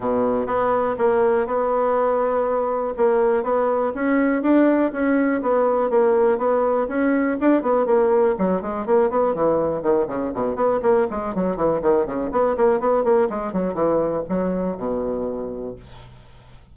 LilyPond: \new Staff \with { instrumentName = "bassoon" } { \time 4/4 \tempo 4 = 122 b,4 b4 ais4 b4~ | b2 ais4 b4 | cis'4 d'4 cis'4 b4 | ais4 b4 cis'4 d'8 b8 |
ais4 fis8 gis8 ais8 b8 e4 | dis8 cis8 b,8 b8 ais8 gis8 fis8 e8 | dis8 cis8 b8 ais8 b8 ais8 gis8 fis8 | e4 fis4 b,2 | }